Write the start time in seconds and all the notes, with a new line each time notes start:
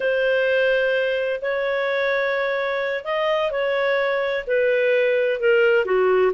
0.00 C5
1.41 C#5
3.04 D#5
3.51 C#5
4.46 B4
5.39 A#4
5.85 F#4